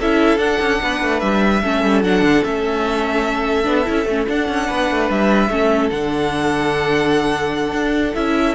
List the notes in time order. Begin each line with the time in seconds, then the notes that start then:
0.00 C#4 E4 A4 E5
0.38 D4 F#5
0.60 C#4
0.82 B3 B4
1.03 A3
1.20 G3 E5
1.62 A3 C#4 A4
1.84 G3
2.04 F#3 D4 F#5
2.22 D3
2.44 A3 C#4 E5
3.64 B3 D4
3.85 C#4 E4
4.06 A3 C#4
4.27 D4 F#5
4.48 C#4
4.68 B3 B4
4.91 A3
5.10 G3 E5
5.49 A3 C#4 A4
5.90 D3 D4 F#5
7.73 D4
8.15 C#4 E4 E5